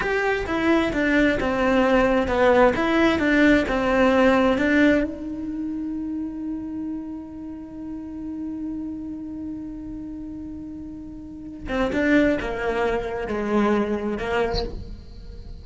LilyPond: \new Staff \with { instrumentName = "cello" } { \time 4/4 \tempo 4 = 131 g'4 e'4 d'4 c'4~ | c'4 b4 e'4 d'4 | c'2 d'4 dis'4~ | dis'1~ |
dis'1~ | dis'1~ | dis'4. c'8 d'4 ais4~ | ais4 gis2 ais4 | }